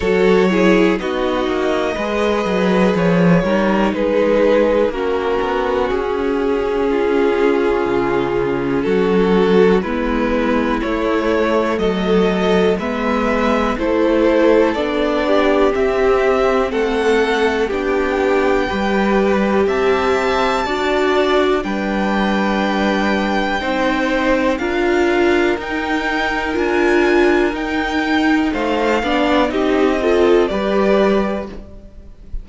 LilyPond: <<
  \new Staff \with { instrumentName = "violin" } { \time 4/4 \tempo 4 = 61 cis''4 dis''2 cis''4 | b'4 ais'4 gis'2~ | gis'4 a'4 b'4 cis''4 | dis''4 e''4 c''4 d''4 |
e''4 fis''4 g''2 | a''2 g''2~ | g''4 f''4 g''4 gis''4 | g''4 f''4 dis''4 d''4 | }
  \new Staff \with { instrumentName = "violin" } { \time 4/4 a'8 gis'8 fis'4 b'4. ais'8 | gis'4 fis'2 f'4~ | f'4 fis'4 e'2 | a'4 b'4 a'4. g'8~ |
g'4 a'4 g'4 b'4 | e''4 d''4 b'2 | c''4 ais'2.~ | ais'4 c''8 d''8 g'8 a'8 b'4 | }
  \new Staff \with { instrumentName = "viola" } { \time 4/4 fis'8 e'8 dis'4 gis'4. dis'8~ | dis'4 cis'2.~ | cis'2 b4 a4~ | a4 b4 e'4 d'4 |
c'2 d'4 g'4~ | g'4 fis'4 d'2 | dis'4 f'4 dis'4 f'4 | dis'4. d'8 dis'8 f'8 g'4 | }
  \new Staff \with { instrumentName = "cello" } { \time 4/4 fis4 b8 ais8 gis8 fis8 f8 g8 | gis4 ais8 b8 cis'2 | cis4 fis4 gis4 a4 | fis4 gis4 a4 b4 |
c'4 a4 b4 g4 | c'4 d'4 g2 | c'4 d'4 dis'4 d'4 | dis'4 a8 b8 c'4 g4 | }
>>